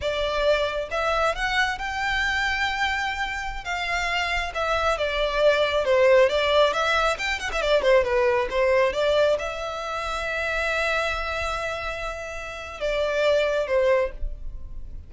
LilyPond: \new Staff \with { instrumentName = "violin" } { \time 4/4 \tempo 4 = 136 d''2 e''4 fis''4 | g''1~ | g''16 f''2 e''4 d''8.~ | d''4~ d''16 c''4 d''4 e''8.~ |
e''16 g''8 fis''16 e''16 d''8 c''8 b'4 c''8.~ | c''16 d''4 e''2~ e''8.~ | e''1~ | e''4 d''2 c''4 | }